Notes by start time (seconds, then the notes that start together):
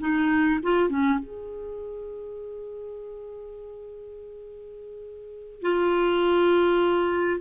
0.00 D#4
0.63 F4
0.89 C#4
1.19 G#4
5.62 F4